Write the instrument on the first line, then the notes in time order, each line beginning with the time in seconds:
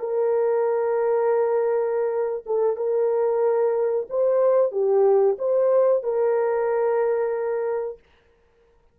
horn
0.00 A#4
2.47 A4
2.77 A#4
4.10 C5
4.72 G4
5.39 C5
6.04 A#4